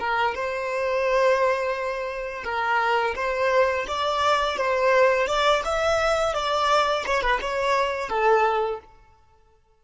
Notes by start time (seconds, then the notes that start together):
0.00 A#4
0.35 C5
2.44 A#4
3.16 C5
3.88 D5
4.58 C5
5.27 D5
5.65 E5
6.34 D5
7.07 C#5
7.23 B4
7.41 C#5
8.10 A4